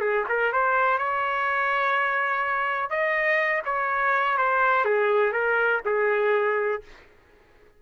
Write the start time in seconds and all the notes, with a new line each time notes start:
0.00 G#4
0.29 A#4
0.52 C5
0.98 C#5
2.90 D#5
3.65 C#5
4.37 C5
4.85 G#4
5.32 A#4
5.85 G#4